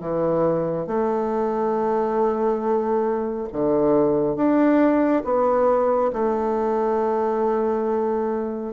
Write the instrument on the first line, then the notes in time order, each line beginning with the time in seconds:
bassoon
0.00 E3
0.87 A3
3.52 D3
4.36 D4
5.25 B3
6.13 A3